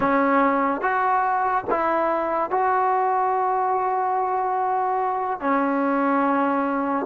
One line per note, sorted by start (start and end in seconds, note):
0.00 0.81 C#4
0.81 1.64 F#4
1.70 2.50 E4
2.50 5.40 F#4
5.40 7.06 C#4